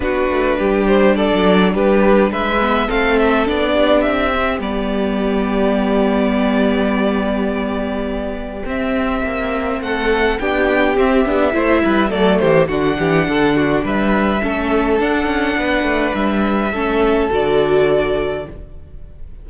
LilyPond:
<<
  \new Staff \with { instrumentName = "violin" } { \time 4/4 \tempo 4 = 104 b'4. c''8 d''4 b'4 | e''4 f''8 e''8 d''4 e''4 | d''1~ | d''2. e''4~ |
e''4 fis''4 g''4 e''4~ | e''4 d''8 c''8 fis''2 | e''2 fis''2 | e''2 d''2 | }
  \new Staff \with { instrumentName = "violin" } { \time 4/4 fis'4 g'4 a'4 g'4 | b'4 a'4. g'4.~ | g'1~ | g'1~ |
g'4 a'4 g'2 | c''8 b'8 a'8 g'8 fis'8 g'8 a'8 fis'8 | b'4 a'2 b'4~ | b'4 a'2. | }
  \new Staff \with { instrumentName = "viola" } { \time 4/4 d'1~ | d'8 b8 c'4 d'4. c'8 | b1~ | b2. c'4~ |
c'2 d'4 c'8 d'8 | e'4 a4 d'2~ | d'4 cis'4 d'2~ | d'4 cis'4 fis'2 | }
  \new Staff \with { instrumentName = "cello" } { \time 4/4 b8 a8 g4~ g16 fis8. g4 | gis4 a4 b4 c'4 | g1~ | g2. c'4 |
ais4 a4 b4 c'8 b8 | a8 g8 fis8 e8 d8 e8 d4 | g4 a4 d'8 cis'8 b8 a8 | g4 a4 d2 | }
>>